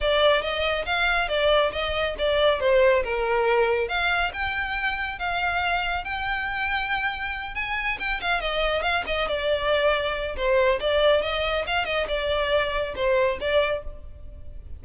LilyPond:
\new Staff \with { instrumentName = "violin" } { \time 4/4 \tempo 4 = 139 d''4 dis''4 f''4 d''4 | dis''4 d''4 c''4 ais'4~ | ais'4 f''4 g''2 | f''2 g''2~ |
g''4. gis''4 g''8 f''8 dis''8~ | dis''8 f''8 dis''8 d''2~ d''8 | c''4 d''4 dis''4 f''8 dis''8 | d''2 c''4 d''4 | }